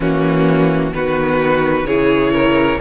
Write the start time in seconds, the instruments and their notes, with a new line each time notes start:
0.00 cello E3, viola A#3, violin C#4 F#4
0.92 cello D#3, viola B3, violin F#4 B4
1.84 cello C#3, viola E3, violin G#4 C#5
2.32 violin A#4